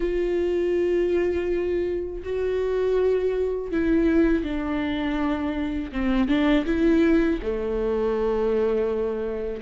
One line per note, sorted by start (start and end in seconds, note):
0.00 2.22 F4
2.23 3.71 F#4
3.71 4.43 E4
4.43 5.91 D4
5.92 6.28 C4
6.28 6.65 D4
6.65 7.39 E4
7.42 9.62 A3